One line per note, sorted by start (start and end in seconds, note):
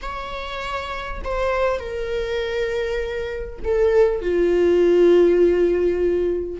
0.02 1.22 C#5
1.24 1.79 C5
1.79 3.59 A#4
3.64 4.21 A4
4.21 6.60 F4